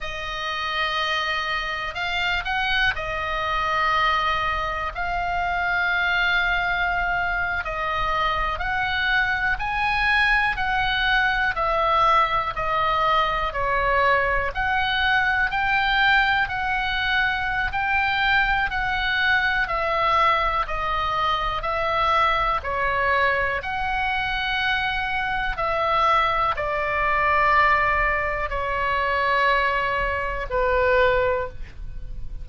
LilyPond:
\new Staff \with { instrumentName = "oboe" } { \time 4/4 \tempo 4 = 61 dis''2 f''8 fis''8 dis''4~ | dis''4 f''2~ f''8. dis''16~ | dis''8. fis''4 gis''4 fis''4 e''16~ | e''8. dis''4 cis''4 fis''4 g''16~ |
g''8. fis''4~ fis''16 g''4 fis''4 | e''4 dis''4 e''4 cis''4 | fis''2 e''4 d''4~ | d''4 cis''2 b'4 | }